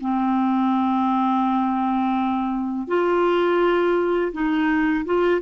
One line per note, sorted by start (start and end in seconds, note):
0.00 2.87 C4
2.87 4.32 F4
4.32 5.04 D#4
5.05 5.41 F4